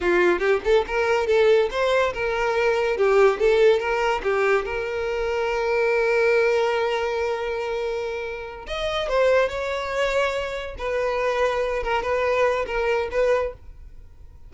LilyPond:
\new Staff \with { instrumentName = "violin" } { \time 4/4 \tempo 4 = 142 f'4 g'8 a'8 ais'4 a'4 | c''4 ais'2 g'4 | a'4 ais'4 g'4 ais'4~ | ais'1~ |
ais'1~ | ais'8 dis''4 c''4 cis''4.~ | cis''4. b'2~ b'8 | ais'8 b'4. ais'4 b'4 | }